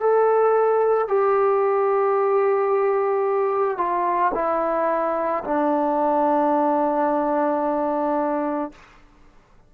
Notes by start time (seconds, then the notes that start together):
0.00 A4
1.08 G4
3.77 F4
4.34 E4
5.44 D4